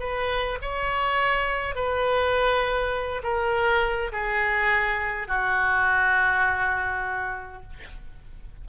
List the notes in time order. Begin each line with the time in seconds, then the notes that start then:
0.00 B4
0.62 C#5
1.75 B4
3.24 A#4
4.12 G#4
5.28 F#4